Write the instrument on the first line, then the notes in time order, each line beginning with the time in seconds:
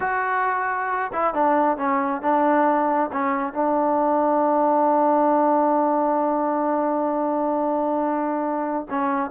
trombone
0.00 F#4
1.12 E4
1.34 D4
1.77 C#4
2.21 D4
3.12 C#4
3.53 D4
8.90 C#4